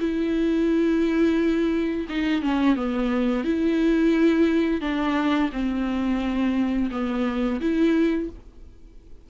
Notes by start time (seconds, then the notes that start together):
0.00 E4
2.09 D#4
2.42 C#4
2.76 B3
3.44 E4
4.81 D4
5.52 C4
6.91 B3
7.61 E4